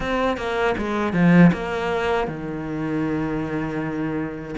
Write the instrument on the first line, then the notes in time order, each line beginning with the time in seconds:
cello
0.00 C4
0.37 A#3
0.77 G#3
1.13 F3
1.53 A#3
2.27 D#3